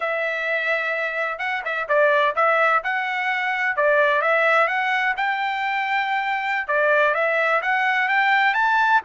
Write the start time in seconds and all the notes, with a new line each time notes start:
0.00 E5
1.38 F#5
1.64 E5
1.88 D5
2.35 E5
2.83 F#5
3.76 D5
4.21 E5
4.67 F#5
5.16 G5
6.67 D5
7.14 E5
7.62 F#5
8.08 G5
8.54 A5